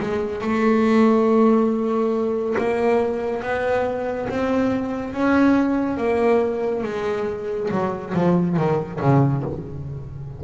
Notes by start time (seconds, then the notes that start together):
0.00 G#3
0.41 A3
2.58 A#3
3.42 B3
4.29 C4
5.13 C#4
5.97 A#3
6.83 G#3
7.71 F#3
8.15 F3
8.57 D#3
9.00 C#3